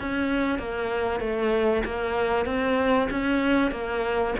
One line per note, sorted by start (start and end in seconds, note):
0.00 0.58 C#4
0.58 1.20 A#3
1.20 1.83 A3
1.85 2.45 A#3
2.45 3.09 C4
3.10 3.71 C#4
3.71 4.34 A#3